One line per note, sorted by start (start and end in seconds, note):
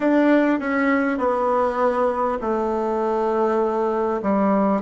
0.00 0.59 D4
0.59 1.18 C#4
1.18 2.38 B3
2.41 4.21 A3
4.22 4.81 G3